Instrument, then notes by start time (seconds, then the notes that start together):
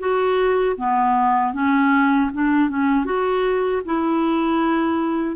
clarinet
0.00 F#4
0.78 B3
1.54 C#4
2.34 D4
2.70 C#4
3.06 F#4
3.86 E4